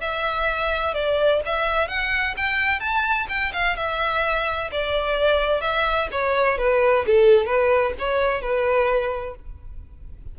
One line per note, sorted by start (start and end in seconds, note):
0.00 0.94 E5
0.94 1.40 D5
1.45 1.88 E5
1.88 2.35 F#5
2.37 2.80 G5
2.80 3.27 A5
3.29 3.52 G5
3.53 3.76 F5
3.76 4.70 E5
4.72 5.61 D5
5.61 6.08 E5
6.11 6.58 C#5
6.58 7.05 B4
7.06 7.46 A4
7.46 7.93 B4
7.99 8.41 C#5
8.41 9.35 B4